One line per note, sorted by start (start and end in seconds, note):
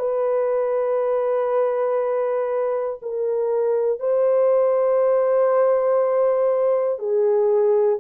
0.00 3.00 B4
3.03 4.00 A#4
4.00 6.99 C5
6.99 7.99 G#4